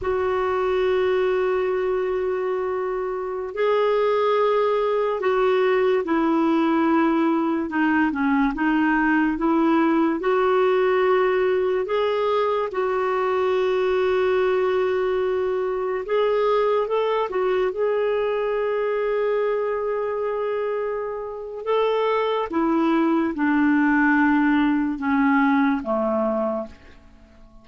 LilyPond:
\new Staff \with { instrumentName = "clarinet" } { \time 4/4 \tempo 4 = 72 fis'1~ | fis'16 gis'2 fis'4 e'8.~ | e'4~ e'16 dis'8 cis'8 dis'4 e'8.~ | e'16 fis'2 gis'4 fis'8.~ |
fis'2.~ fis'16 gis'8.~ | gis'16 a'8 fis'8 gis'2~ gis'8.~ | gis'2 a'4 e'4 | d'2 cis'4 a4 | }